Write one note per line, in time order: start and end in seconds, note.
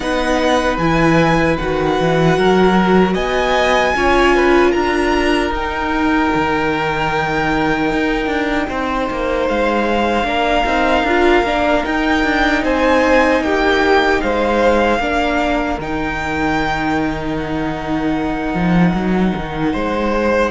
0.00 0.77 B3
0.00 0.79 D#4
0.00 2.38 B4
0.00 0.76 F#5
0.77 1.56 E3
0.77 1.58 E4
0.77 1.56 G#5
1.57 1.99 D#3
1.57 3.95 F#4
1.57 3.14 F#5
2.00 2.37 E3
2.37 3.15 F#3
2.37 3.14 A#4
3.14 3.94 B3
3.14 3.93 D#5
3.14 4.71 G#5
3.95 4.74 C#4
3.95 5.52 F4
3.95 4.35 C#5
4.35 4.71 B4
4.71 5.50 D4
4.71 8.65 A#4
4.71 5.50 A#5
5.50 6.29 D#4
5.50 10.23 D#4
5.50 9.48 G5
6.34 7.91 D#3
7.91 8.26 D#4
8.26 8.66 D4
8.68 9.09 C4
8.68 10.26 C5
9.10 9.49 A#3
9.48 10.23 G#3
9.48 11.84 F5
10.23 10.62 A#3
10.23 10.63 D4
10.23 12.62 A#4
10.66 11.03 C4
10.66 11.05 D#4
11.03 11.42 D4
11.03 11.45 F4
11.43 11.82 A#3
11.43 11.84 D4
11.84 15.00 D#4
11.84 12.23 D#4
11.84 12.63 G5
12.23 12.63 D4
12.62 13.40 C4
12.62 13.41 C5
12.62 13.42 G#5
13.40 14.19 A#3
13.40 14.22 G4
13.40 14.21 G5
14.21 14.98 G#3
14.21 15.00 C5
14.21 15.78 F5
14.98 15.77 A#3
14.98 15.79 D4
14.98 19.73 A#4
15.78 18.53 D#3
15.78 20.51 D#4
15.78 17.36 G5
17.36 20.51 F#5
18.53 18.93 F3
18.94 19.33 F#3
19.35 19.74 D#3
19.73 20.51 G#3
19.73 20.51 C5